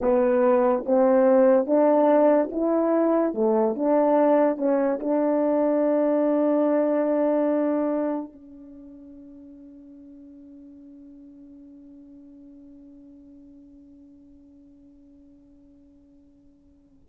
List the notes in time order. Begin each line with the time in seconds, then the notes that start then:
0.01 B3
0.86 C4
1.66 D4
2.51 E4
3.33 A3
3.75 D4
4.57 C#4
5.00 D4
8.32 C#4